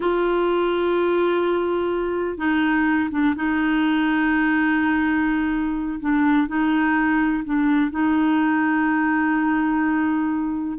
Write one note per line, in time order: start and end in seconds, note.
0.00 2.37 F4
2.37 3.09 D#4
3.10 3.34 D4
3.35 5.99 D#4
6.00 6.47 D4
6.47 7.43 D#4
7.44 7.90 D4
7.90 10.78 D#4